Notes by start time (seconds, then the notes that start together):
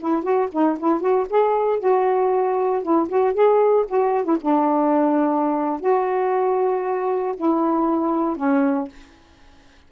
0.00 E4
0.23 F#4
0.52 D#4
0.79 E4
1.00 F#4
1.30 G#4
1.79 F#4
2.83 E4
3.08 F#4
3.34 G#4
3.88 F#4
4.24 E4
4.41 D4
5.80 F#4
7.37 E4
8.37 C#4